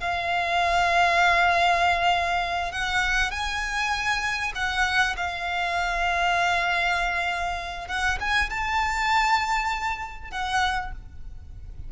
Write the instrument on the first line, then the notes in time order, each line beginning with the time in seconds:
violin
0.00 F5
2.72 F#5
3.31 G#5
4.55 F#5
5.17 F5
7.88 F#5
8.20 G#5
8.50 A5
10.31 F#5